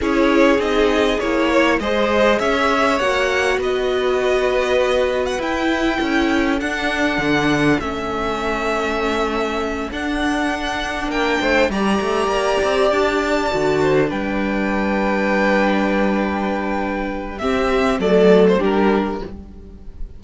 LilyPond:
<<
  \new Staff \with { instrumentName = "violin" } { \time 4/4 \tempo 4 = 100 cis''4 dis''4 cis''4 dis''4 | e''4 fis''4 dis''2~ | dis''8. fis''16 g''2 fis''4~ | fis''4 e''2.~ |
e''8 fis''2 g''4 ais''8~ | ais''4. a''2 g''8~ | g''1~ | g''4 e''4 d''8. c''16 ais'4 | }
  \new Staff \with { instrumentName = "violin" } { \time 4/4 gis'2~ gis'8 cis''8 c''4 | cis''2 b'2~ | b'2 a'2~ | a'1~ |
a'2~ a'8 ais'8 c''8 d''8~ | d''2. c''8 b'8~ | b'1~ | b'4 g'4 a'4 g'4 | }
  \new Staff \with { instrumentName = "viola" } { \time 4/4 e'4 dis'4 e'4 gis'4~ | gis'4 fis'2.~ | fis'4 e'2 d'4~ | d'4 cis'2.~ |
cis'8 d'2. g'8~ | g'2~ g'8 fis'4 d'8~ | d'1~ | d'4 c'4 a4 d'4 | }
  \new Staff \with { instrumentName = "cello" } { \time 4/4 cis'4 c'4 ais4 gis4 | cis'4 ais4 b2~ | b4 e'4 cis'4 d'4 | d4 a2.~ |
a8 d'2 ais8 a8 g8 | a8 ais8 c'8 d'4 d4 g8~ | g1~ | g4 c'4 fis4 g4 | }
>>